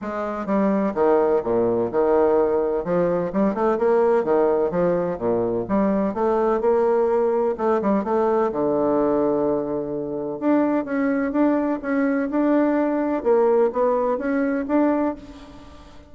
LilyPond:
\new Staff \with { instrumentName = "bassoon" } { \time 4/4 \tempo 4 = 127 gis4 g4 dis4 ais,4 | dis2 f4 g8 a8 | ais4 dis4 f4 ais,4 | g4 a4 ais2 |
a8 g8 a4 d2~ | d2 d'4 cis'4 | d'4 cis'4 d'2 | ais4 b4 cis'4 d'4 | }